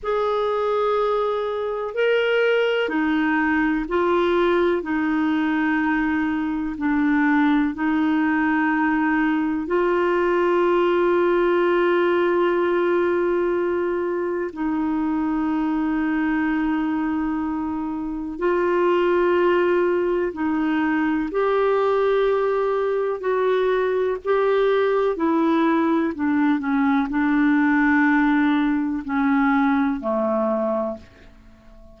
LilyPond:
\new Staff \with { instrumentName = "clarinet" } { \time 4/4 \tempo 4 = 62 gis'2 ais'4 dis'4 | f'4 dis'2 d'4 | dis'2 f'2~ | f'2. dis'4~ |
dis'2. f'4~ | f'4 dis'4 g'2 | fis'4 g'4 e'4 d'8 cis'8 | d'2 cis'4 a4 | }